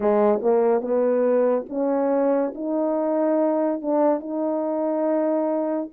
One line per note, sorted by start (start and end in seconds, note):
0.00 0.40 G#3
0.42 0.81 A#3
0.81 1.65 B3
1.69 2.53 C#4
2.54 3.81 D#4
3.81 4.20 D4
4.20 5.89 D#4